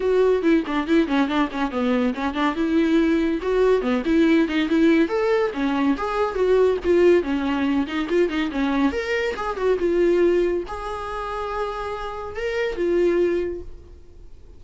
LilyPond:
\new Staff \with { instrumentName = "viola" } { \time 4/4 \tempo 4 = 141 fis'4 e'8 d'8 e'8 cis'8 d'8 cis'8 | b4 cis'8 d'8 e'2 | fis'4 b8 e'4 dis'8 e'4 | a'4 cis'4 gis'4 fis'4 |
f'4 cis'4. dis'8 f'8 dis'8 | cis'4 ais'4 gis'8 fis'8 f'4~ | f'4 gis'2.~ | gis'4 ais'4 f'2 | }